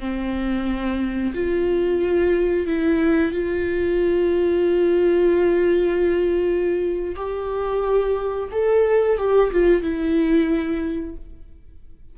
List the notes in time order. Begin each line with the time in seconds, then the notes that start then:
0.00 C4
1.34 F4
2.66 E4
3.32 F4
7.15 G4
8.52 A4
9.18 G4
9.52 F4
9.82 E4